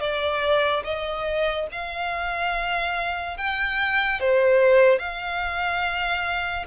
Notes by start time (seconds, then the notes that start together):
0.00 D5
0.84 D#5
1.72 F5
3.37 G5
4.20 C5
4.99 F5